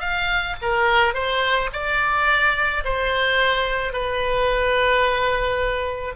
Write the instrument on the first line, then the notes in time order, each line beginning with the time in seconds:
oboe
0.00 F5
0.62 A#4
1.14 C5
1.73 D5
2.85 C5
3.93 B4